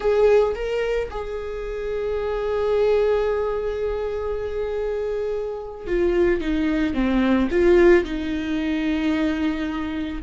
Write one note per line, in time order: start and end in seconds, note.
0.00 0.54 G#4
0.54 1.09 A#4
1.10 5.86 G#4
5.86 6.41 F4
6.41 6.94 D#4
6.94 7.48 C4
7.50 8.04 F4
8.04 10.22 D#4